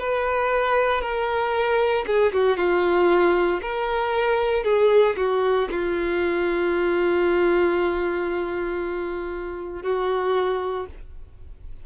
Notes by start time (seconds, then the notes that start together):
0.00 B4
1.02 A#4
2.07 G#4
2.33 F#4
2.58 F4
3.62 A#4
4.65 G#4
5.17 F#4
5.71 F4
9.83 F#4